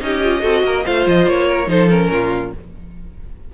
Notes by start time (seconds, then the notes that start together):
0.00 C#4 D#4 G4 D#5
0.23 F4
0.40 C4 F#4 A4
0.63 A#3 A#4
0.84 A3 F4 C5 F5
1.06 F3 D#5
1.26 A#3 C#5
1.47 A#4
1.66 F3 D#4 A4 C5
1.89 C#4 A#4
2.10 A#2 F4